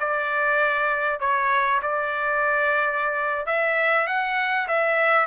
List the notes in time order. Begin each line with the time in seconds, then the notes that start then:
0.00 D5
1.20 C#5
1.82 D5
3.46 E5
4.07 F#5
4.68 E5